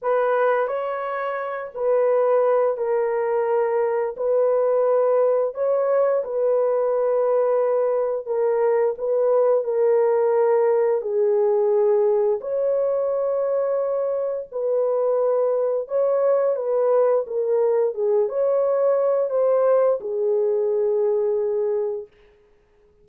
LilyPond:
\new Staff \with { instrumentName = "horn" } { \time 4/4 \tempo 4 = 87 b'4 cis''4. b'4. | ais'2 b'2 | cis''4 b'2. | ais'4 b'4 ais'2 |
gis'2 cis''2~ | cis''4 b'2 cis''4 | b'4 ais'4 gis'8 cis''4. | c''4 gis'2. | }